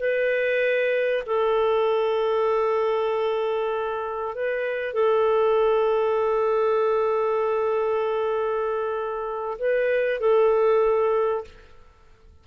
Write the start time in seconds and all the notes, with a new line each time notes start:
0.00 B4
1.27 A4
4.36 B4
4.94 A4
9.59 B4
10.21 A4